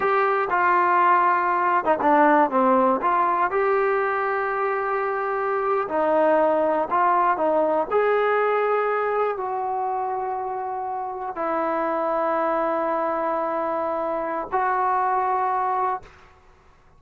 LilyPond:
\new Staff \with { instrumentName = "trombone" } { \time 4/4 \tempo 4 = 120 g'4 f'2~ f'8. dis'16 | d'4 c'4 f'4 g'4~ | g'2.~ g'8. dis'16~ | dis'4.~ dis'16 f'4 dis'4 gis'16~ |
gis'2~ gis'8. fis'4~ fis'16~ | fis'2~ fis'8. e'4~ e'16~ | e'1~ | e'4 fis'2. | }